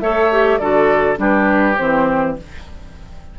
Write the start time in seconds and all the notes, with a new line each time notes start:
0.00 A3 A4 C#5 E5
0.32 G4
0.59 D3 F#4 A4 D5
1.16 G3 D4 G4 B4
1.77 E3 C4 C5